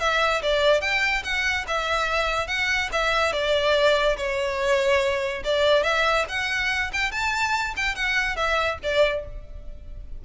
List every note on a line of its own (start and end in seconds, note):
0.00 0.42 E5
0.42 0.81 D5
0.81 1.23 G5
1.24 1.66 F#5
1.68 2.48 E5
2.48 2.90 F#5
2.92 3.33 E5
3.33 4.17 D5
4.17 5.43 C#5
5.45 5.84 D5
5.84 6.26 E5
6.28 6.91 F#5
6.93 7.11 G5
7.11 7.74 A5
7.77 7.95 G5
7.95 8.36 F#5
8.36 8.78 E5
8.83 9.25 D5